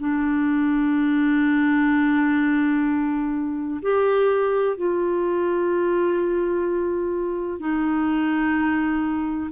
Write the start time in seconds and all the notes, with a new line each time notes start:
0.00 D4
3.82 G4
4.77 F4
7.60 D#4